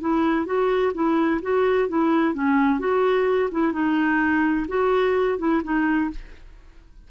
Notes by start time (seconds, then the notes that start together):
0.00 E4
0.45 F#4
0.94 E4
1.42 F#4
1.88 E4
2.34 C#4
2.79 F#4
3.51 E4
3.72 D#4
4.68 F#4
5.38 E4
5.63 D#4